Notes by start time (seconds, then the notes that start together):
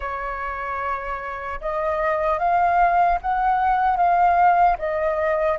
0.00 C#5
1.60 D#5
2.38 F5
3.21 F#5
3.96 F5
4.78 D#5